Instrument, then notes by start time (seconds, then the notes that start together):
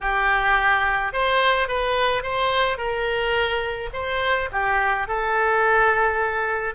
oboe
0.00 G4
1.12 C5
1.68 B4
2.22 C5
2.77 A#4
3.93 C5
4.51 G4
5.07 A4